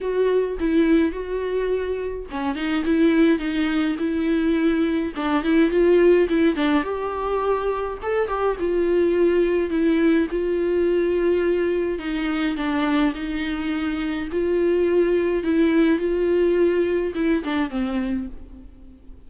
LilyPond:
\new Staff \with { instrumentName = "viola" } { \time 4/4 \tempo 4 = 105 fis'4 e'4 fis'2 | cis'8 dis'8 e'4 dis'4 e'4~ | e'4 d'8 e'8 f'4 e'8 d'8 | g'2 a'8 g'8 f'4~ |
f'4 e'4 f'2~ | f'4 dis'4 d'4 dis'4~ | dis'4 f'2 e'4 | f'2 e'8 d'8 c'4 | }